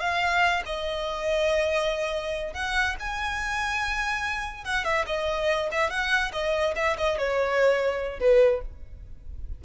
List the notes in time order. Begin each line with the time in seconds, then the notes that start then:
0.00 F5
0.66 D#5
2.54 F#5
3.00 G#5
4.64 F#5
4.84 E5
5.07 D#5
5.72 E5
5.90 F#5
6.33 D#5
6.76 E5
6.98 D#5
7.18 C#5
8.20 B4